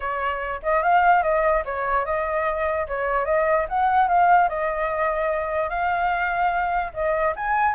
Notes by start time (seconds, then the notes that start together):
0.00 C#5
0.62 D#5
0.82 F5
1.22 D#5
1.65 C#5
2.05 D#5
2.87 C#5
3.25 D#5
3.68 F#5
4.08 F5
4.48 D#5
5.69 F5
6.93 D#5
7.36 G#5